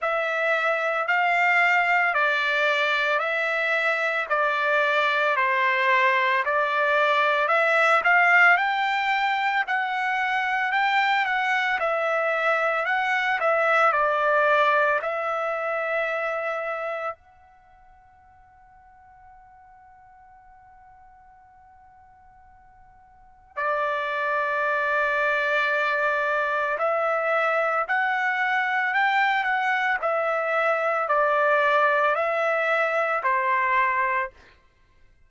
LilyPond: \new Staff \with { instrumentName = "trumpet" } { \time 4/4 \tempo 4 = 56 e''4 f''4 d''4 e''4 | d''4 c''4 d''4 e''8 f''8 | g''4 fis''4 g''8 fis''8 e''4 | fis''8 e''8 d''4 e''2 |
fis''1~ | fis''2 d''2~ | d''4 e''4 fis''4 g''8 fis''8 | e''4 d''4 e''4 c''4 | }